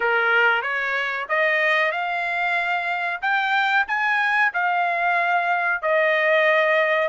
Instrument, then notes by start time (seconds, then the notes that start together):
trumpet
0.00 A#4
0.62 C#5
1.28 D#5
1.91 F5
3.21 G5
3.87 G#5
4.53 F5
5.82 D#5